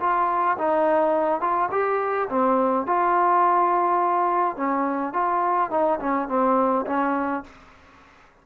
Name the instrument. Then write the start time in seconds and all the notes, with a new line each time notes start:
trombone
0.00 F4
0.58 D#4
1.41 F4
1.71 G4
2.29 C4
2.86 F4
4.57 C#4
5.13 F4
5.71 D#4
6.00 C#4
6.29 C4
6.86 C#4